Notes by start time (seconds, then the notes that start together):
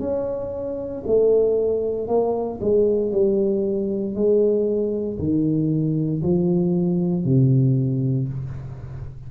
0.00 C#4
1.07 A3
2.08 A#3
2.61 G#3
3.12 G3
4.15 G#3
5.19 D#3
6.23 F3
7.25 C3